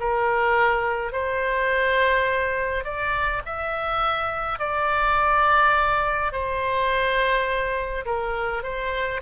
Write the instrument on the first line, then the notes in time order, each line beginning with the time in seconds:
oboe
0.00 A#4
1.13 C5
2.84 D5
3.46 E5
4.59 D5
6.33 C5
8.06 A#4
8.63 C5